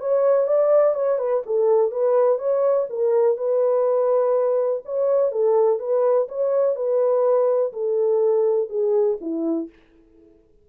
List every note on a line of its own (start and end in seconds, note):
0.00 0.47 C#5
0.47 0.94 D5
0.94 1.18 C#5
1.18 1.43 B4
1.46 1.91 A4
1.91 2.38 B4
2.38 2.87 C#5
2.89 3.37 A#4
3.37 4.82 B4
4.85 5.31 C#5
5.31 5.79 A4
5.79 6.27 B4
6.28 6.75 C#5
6.75 7.72 B4
7.73 8.69 A4
8.69 9.17 G#4
9.20 9.69 E4